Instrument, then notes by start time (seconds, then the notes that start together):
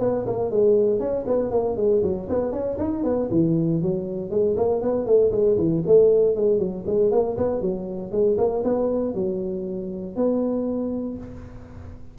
tuba
0.00 B3
0.27 A#3
0.51 G#3
1.00 C#4
1.27 B3
1.51 A#3
1.77 G#3
2.03 F#3
2.30 B3
2.52 C#4
2.79 D#4
3.04 B3
3.31 E3
3.83 F#3
4.31 G#3
4.57 A#3
4.82 B3
5.06 A3
5.32 G#3
5.58 E3
5.87 A3
6.36 G#3
6.59 F#3
6.87 G#3
7.12 A#3
7.38 B3
7.62 F#3
8.12 G#3
8.38 A#3
8.65 B3
9.15 F#3
10.16 B3